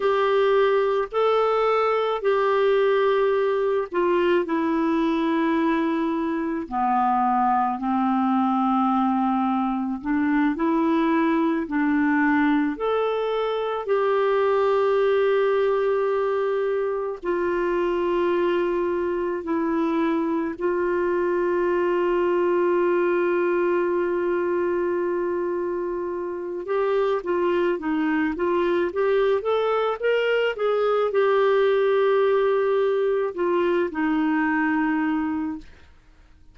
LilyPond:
\new Staff \with { instrumentName = "clarinet" } { \time 4/4 \tempo 4 = 54 g'4 a'4 g'4. f'8 | e'2 b4 c'4~ | c'4 d'8 e'4 d'4 a'8~ | a'8 g'2. f'8~ |
f'4. e'4 f'4.~ | f'1 | g'8 f'8 dis'8 f'8 g'8 a'8 ais'8 gis'8 | g'2 f'8 dis'4. | }